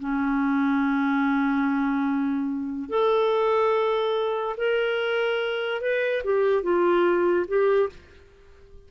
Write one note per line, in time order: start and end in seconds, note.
0.00 2.90 C#4
2.90 4.56 A4
4.58 5.82 A#4
5.82 6.23 B4
6.25 6.63 G4
6.63 7.46 F4
7.48 7.90 G4